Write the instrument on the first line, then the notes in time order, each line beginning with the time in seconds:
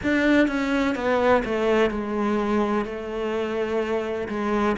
cello
0.03 D4
0.47 C#4
0.95 B3
1.44 A3
1.90 G#3
2.85 A3
4.28 G#3